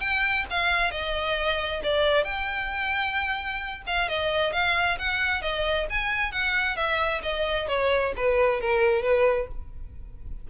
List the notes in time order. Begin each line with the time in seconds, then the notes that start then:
0.00 G5
0.50 F5
0.90 D#5
1.83 D5
2.24 G5
3.86 F5
4.08 D#5
4.52 F5
4.98 F#5
5.42 D#5
5.90 G#5
6.32 F#5
6.76 E5
7.22 D#5
7.68 C#5
8.16 B4
8.60 A#4
9.02 B4